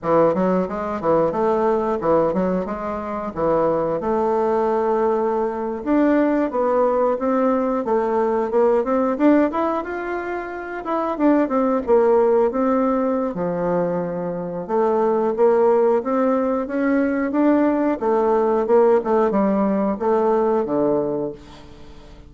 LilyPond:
\new Staff \with { instrumentName = "bassoon" } { \time 4/4 \tempo 4 = 90 e8 fis8 gis8 e8 a4 e8 fis8 | gis4 e4 a2~ | a8. d'4 b4 c'4 a16~ | a8. ais8 c'8 d'8 e'8 f'4~ f'16~ |
f'16 e'8 d'8 c'8 ais4 c'4~ c'16 | f2 a4 ais4 | c'4 cis'4 d'4 a4 | ais8 a8 g4 a4 d4 | }